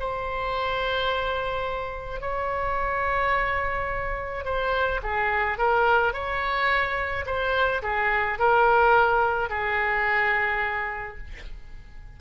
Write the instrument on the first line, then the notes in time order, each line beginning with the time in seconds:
oboe
0.00 C5
2.21 C#5
4.45 C5
5.03 G#4
5.58 A#4
6.14 C#5
7.26 C5
7.83 G#4
8.39 A#4
9.50 G#4